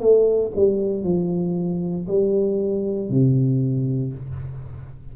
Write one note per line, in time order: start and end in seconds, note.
0.00 0.52 A3
0.55 1.03 G3
1.03 2.07 F3
2.07 3.09 G3
3.09 4.13 C3